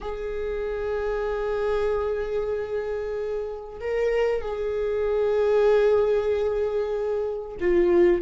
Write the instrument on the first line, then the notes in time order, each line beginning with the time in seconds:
viola
0.01 G#4
3.80 A#4
4.41 G#4
7.60 F4